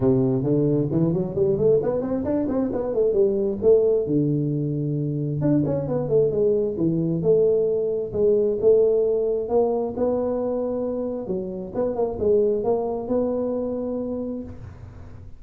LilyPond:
\new Staff \with { instrumentName = "tuba" } { \time 4/4 \tempo 4 = 133 c4 d4 e8 fis8 g8 a8 | b8 c'8 d'8 c'8 b8 a8 g4 | a4 d2. | d'8 cis'8 b8 a8 gis4 e4 |
a2 gis4 a4~ | a4 ais4 b2~ | b4 fis4 b8 ais8 gis4 | ais4 b2. | }